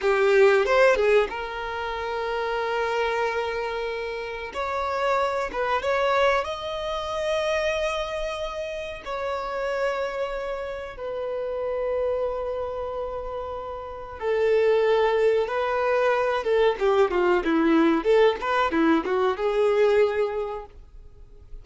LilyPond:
\new Staff \with { instrumentName = "violin" } { \time 4/4 \tempo 4 = 93 g'4 c''8 gis'8 ais'2~ | ais'2. cis''4~ | cis''8 b'8 cis''4 dis''2~ | dis''2 cis''2~ |
cis''4 b'2.~ | b'2 a'2 | b'4. a'8 g'8 f'8 e'4 | a'8 b'8 e'8 fis'8 gis'2 | }